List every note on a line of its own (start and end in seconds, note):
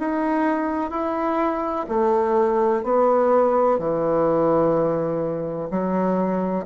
0.00 0.90 D#4
0.90 1.86 E4
1.89 2.84 A3
2.84 3.79 B3
3.79 5.69 E3
5.71 6.66 F#3